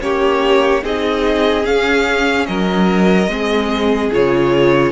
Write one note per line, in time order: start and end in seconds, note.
0.00 0.84 A#3
0.00 0.82 C#4
0.00 0.84 G4
0.00 0.84 C#5
0.83 1.65 C4
0.83 1.63 D#4
0.83 2.48 G#4
0.83 1.66 D#5
1.63 3.28 C#4
1.63 2.47 C#4
1.63 2.46 F5
2.46 3.28 F#3
2.46 3.31 A#4
2.46 4.11 D#5
3.28 4.10 G#3
3.28 4.12 C4
3.28 4.93 G#4
4.13 4.93 C#3
4.13 4.93 F4
4.13 4.93 C#5